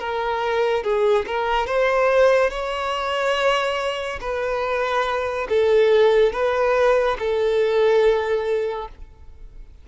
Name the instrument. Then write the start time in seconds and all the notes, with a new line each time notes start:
violin
0.00 A#4
0.84 G#4
1.27 A#4
1.67 C5
2.51 C#5
4.21 B4
5.50 A4
6.33 B4
7.19 A4